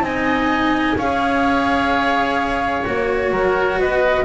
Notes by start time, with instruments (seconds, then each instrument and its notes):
0.00 double bass C4, cello D#4, oboe D#5, flute G#5
0.97 double bass C#4, cello G#4, oboe C#5, flute F5
2.84 double bass A#3, cello F#4, flute C#5
3.31 double bass F#3, oboe A#4
3.77 double bass B3, oboe B4, flute D#5